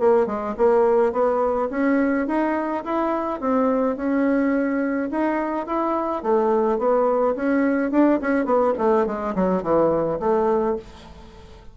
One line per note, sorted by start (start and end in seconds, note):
0.00 0.27 A#3
0.27 0.55 G#3
0.58 1.13 A#3
1.13 1.69 B3
1.71 2.27 C#4
2.27 2.84 D#4
2.85 3.41 E4
3.41 3.97 C4
3.97 5.10 C#4
5.11 5.67 D#4
5.67 6.23 E4
6.23 6.79 A3
6.79 7.35 B3
7.36 7.91 C#4
7.91 8.20 D4
8.21 8.45 C#4
8.45 8.74 B3
8.78 9.07 A3
9.07 9.35 G#3
9.36 9.63 F#3
9.63 10.19 E3
10.20 10.76 A3